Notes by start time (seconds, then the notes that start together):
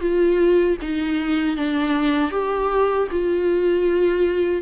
0.00 F4
0.81 D#4
1.57 D4
2.31 G4
3.11 F4